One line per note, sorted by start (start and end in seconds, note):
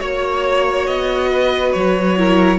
0.00 0.87 A#3
0.00 2.18 F#4
0.00 0.86 C#5
0.00 1.31 C#5
0.86 1.74 B3
0.86 1.72 D#5
1.31 2.18 B4
1.72 2.59 F#3
1.72 2.59 C#5
2.18 2.59 E4
2.18 2.59 A#4